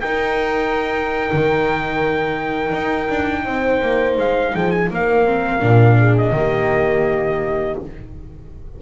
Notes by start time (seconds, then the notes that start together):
0.00 D#4 A#4 G5
1.33 D#3
2.72 D#4
3.09 D4
3.45 C4 C5
3.82 A#3
4.18 G#3 F5
4.54 F3 G#4 G5
4.71 G#5
4.91 A#3 A#4 F5
5.25 C4
5.60 A#2 D4
5.99 G#4
6.18 D#5
6.31 D#3 A#3 G4